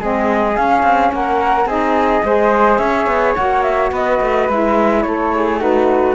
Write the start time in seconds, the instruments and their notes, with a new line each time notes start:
0.00 cello G#3, saxophone C4, flute G#4 D#5
0.53 saxophone C#4, cello C#4, flute F5
0.82 cello C4
1.12 cello A#3, flute A#4 F#5
1.65 cello C4, saxophone D#4, flute G#4 D#5
2.24 cello G#3, saxophone G#4, flute C5
2.77 cello C#4, flute C#5 E5
3.06 cello B3
3.35 cello A#3, saxophone F#4, flute F#5
3.62 flute E5
3.91 cello B3, flute B4 D#5
4.21 cello A3
4.48 cello G#3, saxophone E4, flute E5
5.02 cello A3, flute A4 C#5
5.35 flute G#4
5.59 saxophone D#4, flute F#4 B4